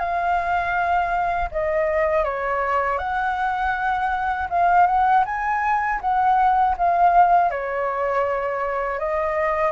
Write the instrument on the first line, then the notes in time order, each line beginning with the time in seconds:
flute
0.00 F5
1.52 D#5
2.25 C#5
2.99 F#5
4.50 F5
4.87 F#5
5.26 G#5
6.01 F#5
6.78 F5
7.51 C#5
9.00 D#5